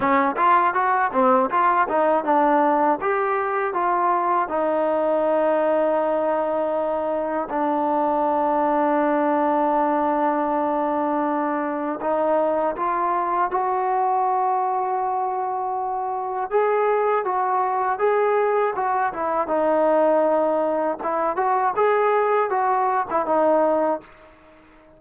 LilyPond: \new Staff \with { instrumentName = "trombone" } { \time 4/4 \tempo 4 = 80 cis'8 f'8 fis'8 c'8 f'8 dis'8 d'4 | g'4 f'4 dis'2~ | dis'2 d'2~ | d'1 |
dis'4 f'4 fis'2~ | fis'2 gis'4 fis'4 | gis'4 fis'8 e'8 dis'2 | e'8 fis'8 gis'4 fis'8. e'16 dis'4 | }